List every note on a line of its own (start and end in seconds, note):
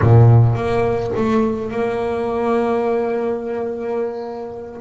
0.02 0.55 A#2
0.55 1.11 A#3
1.16 1.71 A3
1.71 4.81 A#3